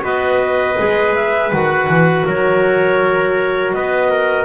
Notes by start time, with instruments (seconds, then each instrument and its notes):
0.00 double bass B3, clarinet F#4 D#5, trumpet B4
0.78 double bass G#3, clarinet G#4
1.15 clarinet E5
1.51 double bass D#3, clarinet F#4 F#5
1.87 double bass E3
2.26 double bass F#3, trumpet A#4, clarinet C#5
3.73 double bass B3, trumpet B4, clarinet D#5
4.10 trumpet A#4